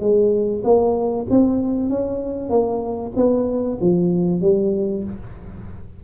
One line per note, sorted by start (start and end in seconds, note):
0.00 0.62 G#3
0.64 1.26 A#3
1.30 1.90 C4
1.90 2.49 C#4
2.49 3.12 A#3
3.16 3.78 B3
3.80 4.41 F3
4.41 5.04 G3